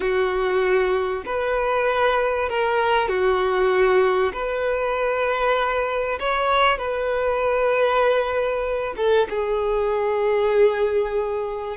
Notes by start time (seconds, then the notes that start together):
0.00 F#4
1.25 B4
2.49 A#4
3.08 F#4
4.33 B4
6.19 C#5
6.78 B4
8.97 A4
9.29 G#4